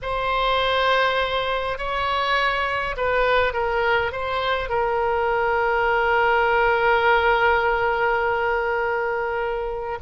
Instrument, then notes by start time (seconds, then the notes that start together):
oboe
0.02 C5
1.78 C#5
2.97 B4
3.53 A#4
4.11 C5
4.69 A#4